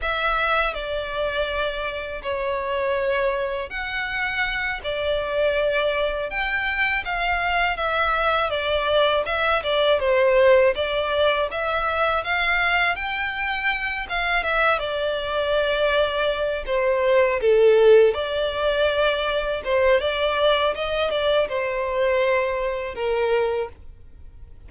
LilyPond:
\new Staff \with { instrumentName = "violin" } { \time 4/4 \tempo 4 = 81 e''4 d''2 cis''4~ | cis''4 fis''4. d''4.~ | d''8 g''4 f''4 e''4 d''8~ | d''8 e''8 d''8 c''4 d''4 e''8~ |
e''8 f''4 g''4. f''8 e''8 | d''2~ d''8 c''4 a'8~ | a'8 d''2 c''8 d''4 | dis''8 d''8 c''2 ais'4 | }